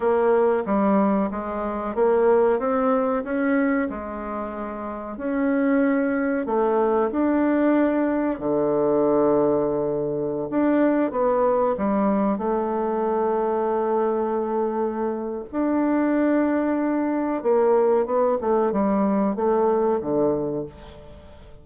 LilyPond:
\new Staff \with { instrumentName = "bassoon" } { \time 4/4 \tempo 4 = 93 ais4 g4 gis4 ais4 | c'4 cis'4 gis2 | cis'2 a4 d'4~ | d'4 d2.~ |
d16 d'4 b4 g4 a8.~ | a1 | d'2. ais4 | b8 a8 g4 a4 d4 | }